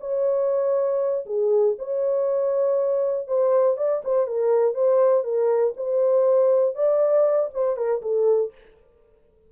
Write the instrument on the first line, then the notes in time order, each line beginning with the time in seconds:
horn
0.00 C#5
1.25 G#4
1.78 C#5
3.27 C5
3.77 D5
4.04 C5
4.27 A#4
4.74 C5
5.24 A#4
5.76 C5
6.75 D5
7.53 C5
7.76 A#4
8.02 A4